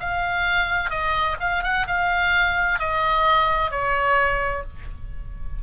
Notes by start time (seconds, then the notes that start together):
0.00 F5
0.90 D#5
1.40 F5
1.64 F#5
1.87 F5
2.79 D#5
3.71 C#5